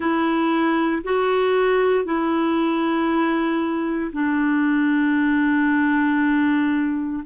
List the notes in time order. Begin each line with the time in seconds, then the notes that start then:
0.00 E4
1.03 F#4
2.04 E4
4.12 D4